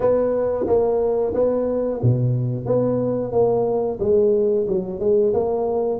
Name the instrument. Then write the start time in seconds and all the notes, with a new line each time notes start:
tuba
0.00 B3
0.66 A#3
1.34 B3
2.02 B2
2.65 B3
3.32 A#3
3.99 G#3
4.67 F#3
4.99 G#3
5.33 A#3